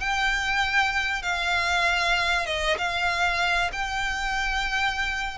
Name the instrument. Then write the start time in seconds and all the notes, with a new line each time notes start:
violin
0.00 G5
1.23 F5
2.46 D#5
2.78 F5
3.73 G5